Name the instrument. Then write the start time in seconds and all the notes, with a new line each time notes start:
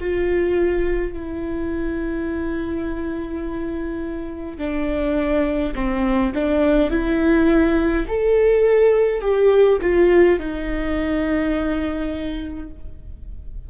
viola
0.00 F4
1.13 E4
4.58 D4
5.75 C4
6.35 D4
6.91 E4
8.08 A4
9.21 G4
9.82 F4
10.39 D#4